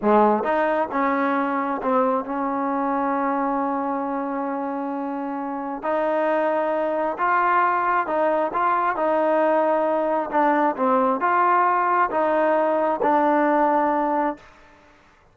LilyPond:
\new Staff \with { instrumentName = "trombone" } { \time 4/4 \tempo 4 = 134 gis4 dis'4 cis'2 | c'4 cis'2.~ | cis'1~ | cis'4 dis'2. |
f'2 dis'4 f'4 | dis'2. d'4 | c'4 f'2 dis'4~ | dis'4 d'2. | }